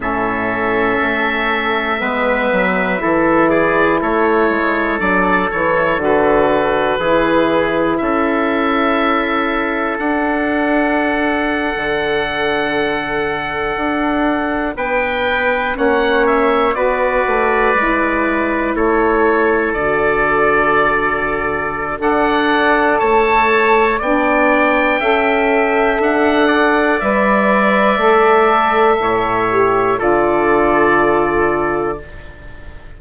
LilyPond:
<<
  \new Staff \with { instrumentName = "oboe" } { \time 4/4 \tempo 4 = 60 e''2.~ e''8 d''8 | cis''4 d''8 cis''8 b'2 | e''2 fis''2~ | fis''2~ fis''8. g''4 fis''16~ |
fis''16 e''8 d''2 cis''4 d''16~ | d''2 fis''4 a''4 | g''2 fis''4 e''4~ | e''2 d''2 | }
  \new Staff \with { instrumentName = "trumpet" } { \time 4/4 a'2 b'4 a'8 gis'8 | a'2. gis'4 | a'1~ | a'2~ a'8. b'4 cis''16~ |
cis''8. b'2 a'4~ a'16~ | a'2 d''4 cis''4 | d''4 e''4. d''4.~ | d''4 cis''4 a'2 | }
  \new Staff \with { instrumentName = "saxophone" } { \time 4/4 cis'2 b4 e'4~ | e'4 d'8 e'8 fis'4 e'4~ | e'2 d'2~ | d'2.~ d'8. cis'16~ |
cis'8. fis'4 e'2 fis'16~ | fis'2 a'2 | d'4 a'2 b'4 | a'4. g'8 f'2 | }
  \new Staff \with { instrumentName = "bassoon" } { \time 4/4 a,4 a4 gis8 fis8 e4 | a8 gis8 fis8 e8 d4 e4 | cis'2 d'4.~ d'16 d16~ | d4.~ d16 d'4 b4 ais16~ |
ais8. b8 a8 gis4 a4 d16~ | d2 d'4 a4 | b4 cis'4 d'4 g4 | a4 a,4 d2 | }
>>